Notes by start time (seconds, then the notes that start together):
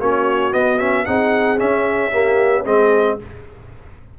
0.00 A#3 C#4 F#4 C#5
0.51 B3 D#5
0.79 C#4 E5
1.06 C4 D#4 G#4 F#5
1.58 C#4 E5
2.11 A#3 G4
2.65 G#3 C4 G#4 D#5